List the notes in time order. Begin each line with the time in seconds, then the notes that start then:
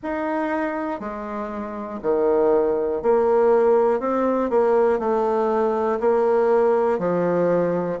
0.03 D#4
1.00 G#3
2.02 D#3
3.02 A#3
4.00 C4
4.50 A#3
4.99 A3
6.00 A#3
6.98 F3